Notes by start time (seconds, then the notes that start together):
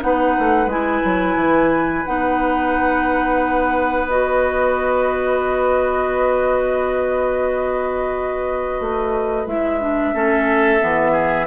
0.00 B3 D#4 B4 F#5
0.39 A3
0.66 G#3 E4 G#5
1.05 F#3
1.36 E3
2.05 B3 D#4 F#5
4.08 F#4 D#5
8.80 A3
9.46 G#3 E4 E5
9.80 D4
10.14 A3 C#4 A4
10.79 E3 B3
11.12 G#4